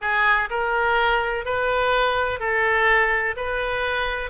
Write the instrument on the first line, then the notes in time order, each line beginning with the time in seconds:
oboe
0.01 G#4
0.50 A#4
1.45 B4
2.39 A4
3.36 B4